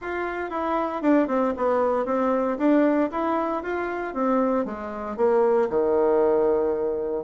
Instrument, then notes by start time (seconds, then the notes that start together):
bassoon
0.01 F4
0.50 E4
1.02 D4
1.27 C4
1.57 B3
2.05 C4
2.58 D4
3.11 E4
3.62 F4
4.14 C4
4.65 G#3
5.17 A#3
5.69 D#3